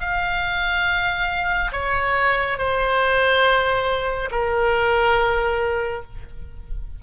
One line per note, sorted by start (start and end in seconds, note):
0.00 1.71 F5
1.72 2.58 C#5
2.58 4.29 C5
4.31 6.02 A#4